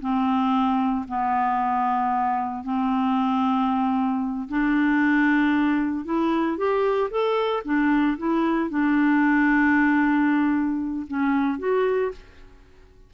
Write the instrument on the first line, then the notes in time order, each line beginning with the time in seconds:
clarinet
0.00 C4
1.08 B3
2.63 C4
4.48 D4
6.05 E4
6.57 G4
7.10 A4
7.64 D4
8.18 E4
8.70 D4
11.07 C#4
11.58 F#4